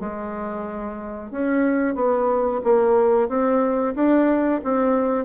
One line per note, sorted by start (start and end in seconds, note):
0.00 1.32 G#3
1.32 1.95 C#4
1.95 2.61 B3
2.64 3.29 A#3
3.29 3.95 C4
3.95 4.61 D4
4.64 5.25 C4